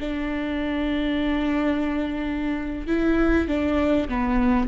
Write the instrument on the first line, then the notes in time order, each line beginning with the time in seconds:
viola
0.00 D4
2.87 E4
3.48 D4
4.09 B3